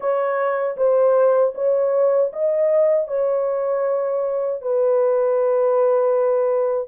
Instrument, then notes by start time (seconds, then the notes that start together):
horn
0.00 C#5
0.76 C5
1.54 C#5
2.33 D#5
3.07 C#5
4.62 B4